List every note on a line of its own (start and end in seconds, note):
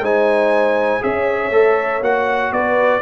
0.00 1.00 G#3
0.00 1.01 D#4
0.00 1.03 C5
0.00 1.03 G#5
1.01 1.51 C#4
1.01 1.51 G#4
1.01 2.55 C#5
1.01 2.03 E5
1.51 2.01 A3
1.51 2.02 A4
2.01 2.51 A#3
2.01 3.01 F#4
2.01 2.52 F#5
2.52 3.01 B3
2.52 3.01 B4
2.52 3.01 D5